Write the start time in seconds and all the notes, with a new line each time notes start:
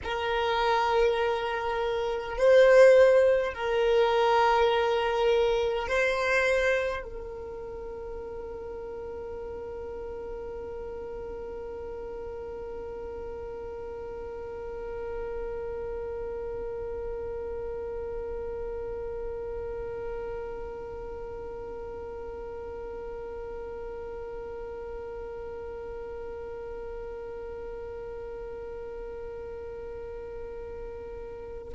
0.03 A#4
2.37 C5
3.53 A#4
5.88 C5
7.02 A#4